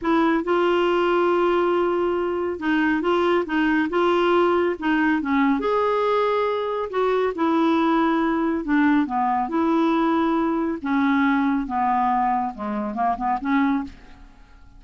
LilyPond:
\new Staff \with { instrumentName = "clarinet" } { \time 4/4 \tempo 4 = 139 e'4 f'2.~ | f'2 dis'4 f'4 | dis'4 f'2 dis'4 | cis'4 gis'2. |
fis'4 e'2. | d'4 b4 e'2~ | e'4 cis'2 b4~ | b4 gis4 ais8 b8 cis'4 | }